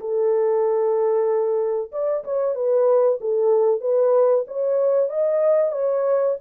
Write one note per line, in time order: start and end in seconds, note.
0.00 1.91 A4
1.91 2.23 D5
2.24 2.55 C#5
2.55 3.19 B4
3.20 3.81 A4
3.81 4.44 B4
4.47 5.09 C#5
5.09 5.72 D#5
5.72 6.35 C#5